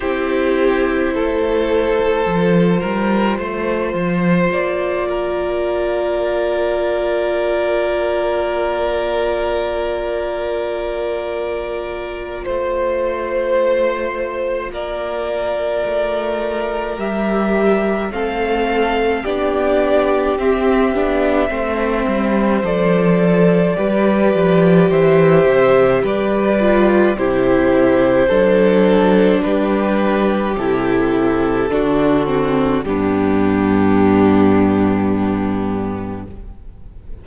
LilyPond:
<<
  \new Staff \with { instrumentName = "violin" } { \time 4/4 \tempo 4 = 53 c''1 | d''1~ | d''2. c''4~ | c''4 d''2 e''4 |
f''4 d''4 e''2 | d''2 e''4 d''4 | c''2 b'4 a'4~ | a'4 g'2. | }
  \new Staff \with { instrumentName = "violin" } { \time 4/4 g'4 a'4. ais'8 c''4~ | c''8 ais'2.~ ais'8~ | ais'2. c''4~ | c''4 ais'2. |
a'4 g'2 c''4~ | c''4 b'4 c''4 b'4 | g'4 a'4 g'2 | fis'4 d'2. | }
  \new Staff \with { instrumentName = "viola" } { \time 4/4 e'2 f'2~ | f'1~ | f'1~ | f'2. g'4 |
c'4 d'4 c'8 d'8 c'4 | a'4 g'2~ g'8 f'8 | e'4 d'2 e'4 | d'8 c'8 b2. | }
  \new Staff \with { instrumentName = "cello" } { \time 4/4 c'4 a4 f8 g8 a8 f8 | ais1~ | ais2. a4~ | a4 ais4 a4 g4 |
a4 b4 c'8 b8 a8 g8 | f4 g8 f8 e8 c8 g4 | c4 fis4 g4 c4 | d4 g,2. | }
>>